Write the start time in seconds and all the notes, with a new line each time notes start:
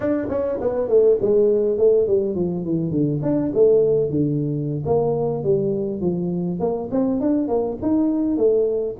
0.00 D4
0.29 C#4
0.60 B3
0.88 A3
1.21 G#3
1.78 A3
2.07 G3
2.35 F3
2.65 E3
2.90 D3
3.22 D4
3.53 A3
4.10 D3
4.85 A#3
5.43 G3
6.00 F3
6.59 A#3
6.91 C4
7.20 D4
7.48 A#3
7.82 D#4
8.37 A3